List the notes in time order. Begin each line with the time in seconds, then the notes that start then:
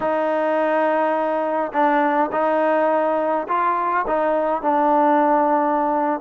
0.00 D#4
1.72 D4
2.32 D#4
3.48 F4
4.07 D#4
4.62 D4